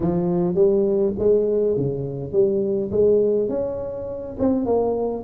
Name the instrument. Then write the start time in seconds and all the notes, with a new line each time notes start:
tuba
0.00 F3
0.54 G3
1.18 G#3
1.76 C#3
2.32 G3
2.91 G#3
3.48 C#4
4.39 C4
4.65 A#3